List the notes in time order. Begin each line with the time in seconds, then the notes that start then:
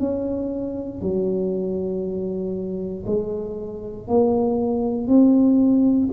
0.00 C#4
1.02 F#3
3.06 G#3
4.08 A#3
5.08 C4